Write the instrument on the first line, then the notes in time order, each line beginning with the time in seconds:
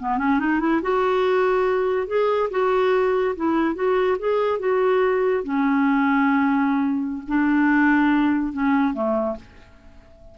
clarinet
0.00 B3
0.18 C#4
0.40 D#4
0.60 E4
0.82 F#4
2.08 G#4
2.51 F#4
3.36 E4
3.75 F#4
4.19 G#4
4.59 F#4
5.44 C#4
7.28 D4
8.53 C#4
8.94 A3